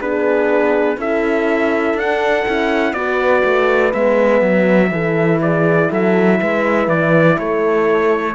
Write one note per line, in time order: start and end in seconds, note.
0.00 0.97 B3
0.00 1.00 D4
0.00 0.98 G#4
0.00 1.00 B4
0.97 1.94 C#4
0.97 1.98 E4
0.97 2.95 A4
0.97 1.99 E5
1.94 2.43 D4
1.94 2.47 D4
1.94 2.94 F#5
2.47 2.94 C#4
2.47 2.95 E4
2.94 3.43 B3
2.94 3.92 F#4
2.94 4.92 B4
2.94 3.92 D5
3.45 3.94 A3
3.92 4.42 G#3
3.92 4.91 B3
3.92 5.41 E5
4.42 4.91 F#3
4.91 5.89 E3
4.91 8.36 E4
4.91 5.42 A4
5.42 5.90 G#4
5.42 5.92 D5
5.90 6.41 F#3
5.90 6.39 A4
5.90 6.89 E5
6.39 6.88 G#3
6.39 7.38 B4
6.88 7.37 E3
6.88 7.39 D5
7.39 8.36 A3
7.39 8.36 A4
7.39 8.36 C#5